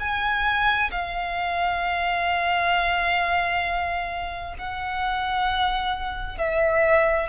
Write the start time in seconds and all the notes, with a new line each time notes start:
0.00 G#5
0.91 F5
4.59 F#5
6.38 E5